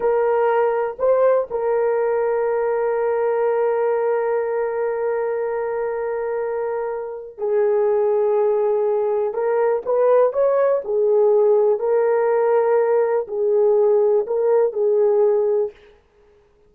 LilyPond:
\new Staff \with { instrumentName = "horn" } { \time 4/4 \tempo 4 = 122 ais'2 c''4 ais'4~ | ais'1~ | ais'1~ | ais'2. gis'4~ |
gis'2. ais'4 | b'4 cis''4 gis'2 | ais'2. gis'4~ | gis'4 ais'4 gis'2 | }